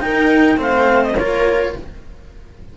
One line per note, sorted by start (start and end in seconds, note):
0.00 0.57 D#4
0.00 0.59 A#4
0.00 0.58 G5
0.57 1.15 A3
0.57 1.14 C4
0.57 1.17 C5
0.57 1.04 F5
1.04 1.15 D#5
1.15 1.73 A#3
1.15 1.77 F4
1.15 1.77 A#4
1.15 1.73 C#5